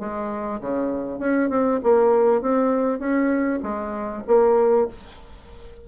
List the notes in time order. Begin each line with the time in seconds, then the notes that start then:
0.00 G#3
0.61 C#3
1.20 C#4
1.50 C4
1.83 A#3
2.42 C4
2.99 C#4
3.63 G#3
4.28 A#3